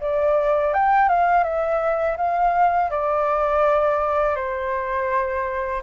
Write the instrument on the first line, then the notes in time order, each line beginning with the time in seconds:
flute
0.00 D5
0.73 G5
1.08 F5
1.43 E5
2.17 F5
2.90 D5
4.35 C5